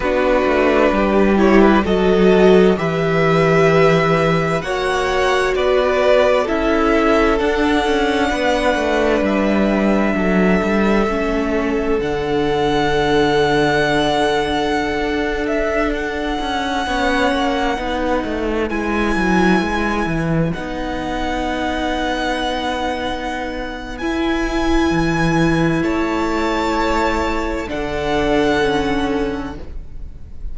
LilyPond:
<<
  \new Staff \with { instrumentName = "violin" } { \time 4/4 \tempo 4 = 65 b'4. cis''16 b'16 dis''4 e''4~ | e''4 fis''4 d''4 e''4 | fis''2 e''2~ | e''4 fis''2.~ |
fis''8. e''8 fis''2~ fis''8.~ | fis''16 gis''2 fis''4.~ fis''16~ | fis''2 gis''2 | a''2 fis''2 | }
  \new Staff \with { instrumentName = "violin" } { \time 4/4 fis'4 g'4 a'4 b'4~ | b'4 cis''4 b'4 a'4~ | a'4 b'2 a'4~ | a'1~ |
a'2~ a'16 cis''4 b'8.~ | b'1~ | b'1 | cis''2 a'2 | }
  \new Staff \with { instrumentName = "viola" } { \time 4/4 d'4. e'8 fis'4 g'4~ | g'4 fis'2 e'4 | d'1 | cis'4 d'2.~ |
d'2~ d'16 cis'4 dis'8.~ | dis'16 e'2 dis'4.~ dis'16~ | dis'2 e'2~ | e'2 d'4 cis'4 | }
  \new Staff \with { instrumentName = "cello" } { \time 4/4 b8 a8 g4 fis4 e4~ | e4 ais4 b4 cis'4 | d'8 cis'8 b8 a8 g4 fis8 g8 | a4 d2.~ |
d16 d'4. cis'8 b8 ais8 b8 a16~ | a16 gis8 fis8 gis8 e8 b4.~ b16~ | b2 e'4 e4 | a2 d2 | }
>>